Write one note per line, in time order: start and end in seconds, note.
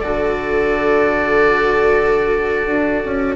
0.00 2.67 D3
0.00 3.36 F#4
0.00 3.36 A4
0.00 3.35 D5
2.67 3.02 D4
3.05 3.36 C#4